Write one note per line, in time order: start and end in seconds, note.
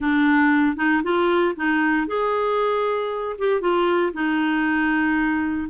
0.00 0.76 D4
0.76 1.02 D#4
1.03 1.55 F4
1.55 2.07 D#4
2.07 3.36 G#4
3.38 3.60 G4
3.60 4.12 F4
4.13 5.68 D#4